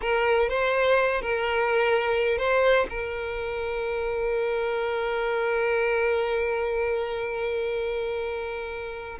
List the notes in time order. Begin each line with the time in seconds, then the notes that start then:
0.01 A#4
0.49 C5
1.21 A#4
2.38 C5
2.89 A#4